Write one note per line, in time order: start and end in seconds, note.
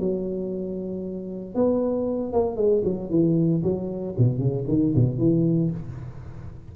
0.00 1.55 F#3
1.55 2.33 B3
2.33 2.57 A#3
2.57 2.83 G#3
2.85 3.11 F#3
3.11 3.63 E3
3.63 4.15 F#3
4.19 4.39 B2
4.39 4.65 C#3
4.68 4.94 D#3
4.96 5.19 B2
5.19 5.71 E3